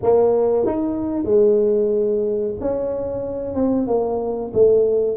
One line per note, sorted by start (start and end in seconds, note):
0.02 0.65 A#3
0.65 1.24 D#4
1.24 2.53 G#3
2.60 3.55 C#4
3.55 3.87 C4
3.87 4.52 A#3
4.53 5.16 A3